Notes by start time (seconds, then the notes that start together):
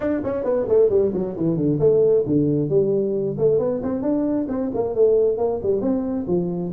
0.00 D4
0.23 C#4
0.44 B3
0.68 A3
0.89 G3
1.13 F#3
1.36 E3
1.56 D3
1.79 A3
2.26 D3
2.69 G3
3.38 A3
3.59 B3
3.83 C4
4.02 D4
4.48 C4
4.74 A#3
4.95 A3
5.37 A#3
5.62 G3
5.81 C4
6.27 F3